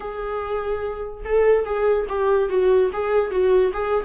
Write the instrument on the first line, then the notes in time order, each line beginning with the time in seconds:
viola
0.00 G#4
1.25 A4
1.65 G#4
2.08 G4
2.49 F#4
2.92 G#4
3.30 F#4
3.73 G#4